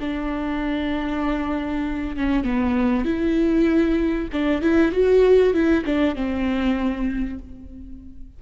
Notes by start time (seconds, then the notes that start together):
0.00 D4
2.16 C#4
2.44 B3
3.05 E4
4.32 D4
4.61 E4
4.92 F#4
5.54 E4
5.85 D4
6.15 C4